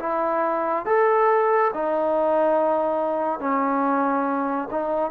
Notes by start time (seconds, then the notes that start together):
0.00 E4
0.86 A4
1.74 D#4
3.40 C#4
4.71 D#4